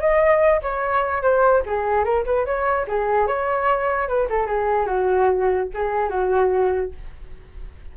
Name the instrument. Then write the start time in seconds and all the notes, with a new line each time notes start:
flute
0.00 D#5
0.62 C#5
1.22 C5
1.66 G#4
2.05 A#4
2.25 B4
2.46 C#5
2.88 G#4
3.27 C#5
4.08 B4
4.29 A4
4.46 G#4
4.86 F#4
5.74 G#4
6.09 F#4